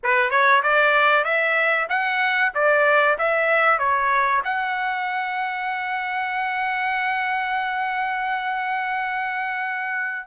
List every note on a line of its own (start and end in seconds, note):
0.03 0.30 B4
0.30 0.62 C#5
0.62 1.24 D5
1.24 1.87 E5
1.89 2.52 F#5
2.54 3.17 D5
3.18 3.78 E5
3.78 4.42 C#5
4.44 10.26 F#5